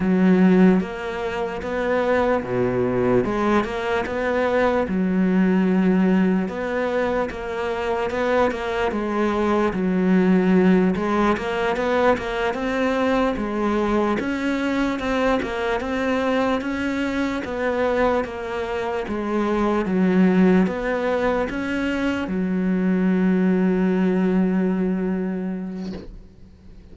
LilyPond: \new Staff \with { instrumentName = "cello" } { \time 4/4 \tempo 4 = 74 fis4 ais4 b4 b,4 | gis8 ais8 b4 fis2 | b4 ais4 b8 ais8 gis4 | fis4. gis8 ais8 b8 ais8 c'8~ |
c'8 gis4 cis'4 c'8 ais8 c'8~ | c'8 cis'4 b4 ais4 gis8~ | gis8 fis4 b4 cis'4 fis8~ | fis1 | }